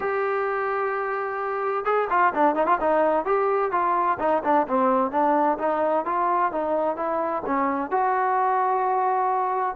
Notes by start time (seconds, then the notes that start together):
0.00 G4
1.85 G#4
2.10 F4
2.34 D4
2.55 D#4
2.66 F4
2.80 D#4
3.25 G4
3.71 F4
4.19 D#4
4.43 D4
4.67 C4
5.11 D4
5.58 D#4
6.05 F4
6.52 D#4
6.96 E4
7.46 C#4
7.90 F#4